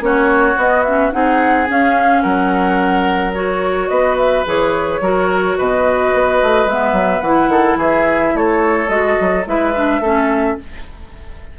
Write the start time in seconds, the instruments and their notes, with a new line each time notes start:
0.00 bassoon A#3, clarinet C#4, oboe F#4, flute C#5
0.57 bassoon B3, clarinet B3, flute D#5
0.84 clarinet C#4, flute E5
1.12 bassoon C4, clarinet D#4, oboe G#4, flute F#5
1.67 clarinet C#4, bassoon C#4, flute F5
2.22 bassoon F#3, oboe A#4, flute F#5
3.34 clarinet F#4, flute C#5
3.88 bassoon B3, oboe B4, flute D#5
4.17 flute E5
4.45 bassoon E3, clarinet G#4, flute C#5
5.00 bassoon F#3, clarinet F#4, oboe A#4
5.58 bassoon B2, oboe B4, flute D#5
6.14 bassoon B3
6.42 bassoon A3
6.66 bassoon G#3, clarinet B3, flute E5
6.92 bassoon F#3
7.21 bassoon E3, clarinet E4, flute F#5
7.48 bassoon D#3, oboe A4
7.77 bassoon E3, oboe G#4, flute E5
8.34 bassoon A3, oboe A4, flute C#5
8.88 bassoon G#3, clarinet F#4, flute D#5
9.21 bassoon F#3
9.46 bassoon G#3, clarinet E4, oboe B4, flute E5
9.75 clarinet D4
10.00 bassoon A3, clarinet C#4, oboe A4